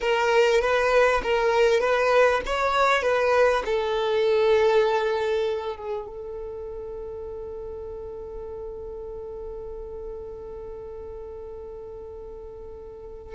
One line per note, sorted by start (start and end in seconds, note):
0.00 0.61 A#4
0.61 1.21 B4
1.23 1.80 A#4
1.80 2.41 B4
2.45 3.02 C#5
3.02 3.63 B4
3.65 5.76 A4
5.76 6.06 G#4
6.07 13.34 A4